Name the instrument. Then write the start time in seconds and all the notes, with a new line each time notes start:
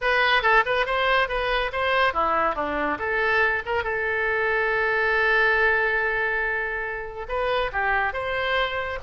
oboe
0.01 B4
0.42 A4
0.65 B4
0.86 C5
1.28 B4
1.72 C5
2.13 E4
2.55 D4
2.98 A4
3.65 A#4
3.83 A4
7.28 B4
7.72 G4
8.13 C5